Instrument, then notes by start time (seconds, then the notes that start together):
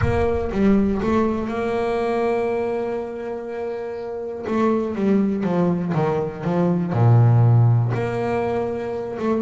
double bass
0.01 A#3
0.51 G3
1.02 A3
1.48 A#3
4.46 A3
4.95 G3
5.43 F3
5.94 D#3
6.44 F3
6.92 A#2
7.93 A#3
9.18 A3